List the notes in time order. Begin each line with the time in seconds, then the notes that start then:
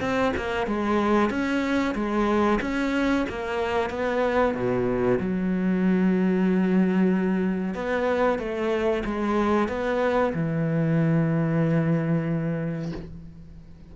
0.00 C4
0.36 A#3
0.67 G#3
1.30 C#4
1.94 G#3
2.61 C#4
3.29 A#3
3.90 B3
4.54 B2
5.19 F#3
7.74 B3
8.39 A3
9.05 G#3
9.68 B3
10.34 E3